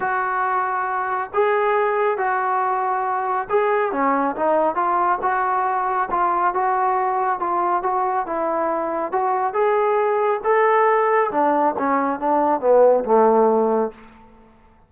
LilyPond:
\new Staff \with { instrumentName = "trombone" } { \time 4/4 \tempo 4 = 138 fis'2. gis'4~ | gis'4 fis'2. | gis'4 cis'4 dis'4 f'4 | fis'2 f'4 fis'4~ |
fis'4 f'4 fis'4 e'4~ | e'4 fis'4 gis'2 | a'2 d'4 cis'4 | d'4 b4 a2 | }